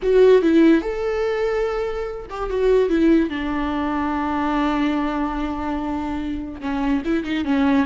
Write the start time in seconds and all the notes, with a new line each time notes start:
0.02 F#4
0.41 E4
0.81 A4
2.29 G4
2.50 F#4
2.89 E4
3.29 D4
6.60 C#4
7.05 E4
7.24 D#4
7.44 C#4